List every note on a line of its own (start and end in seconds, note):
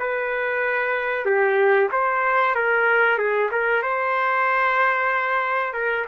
0.00 1.26 B4
1.26 1.90 G4
1.92 2.56 C5
2.56 3.19 A#4
3.19 3.50 G#4
3.52 3.83 A#4
3.83 5.74 C5
5.74 6.06 A#4